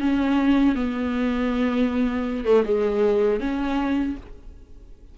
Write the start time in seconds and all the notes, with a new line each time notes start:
0.00 C#4
0.75 B3
2.45 A3
2.64 G#3
3.40 C#4